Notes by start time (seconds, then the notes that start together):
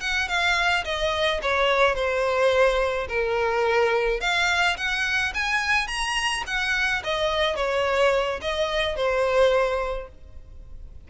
0.00 F#5
0.28 F5
0.84 D#5
1.42 C#5
1.95 C5
3.08 A#4
4.20 F5
4.76 F#5
5.34 G#5
5.87 A#5
6.46 F#5
7.03 D#5
7.55 C#5
8.41 D#5
8.96 C5